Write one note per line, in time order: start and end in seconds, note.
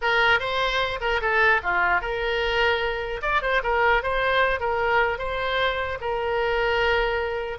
0.01 0.39 A#4
0.39 0.99 C5
1.00 1.20 A#4
1.21 1.61 A4
1.63 2.01 F4
2.01 3.21 A#4
3.22 3.41 D5
3.41 3.61 C5
3.63 4.02 A#4
4.02 4.59 C5
4.59 5.18 A#4
5.18 5.98 C5
6.00 7.58 A#4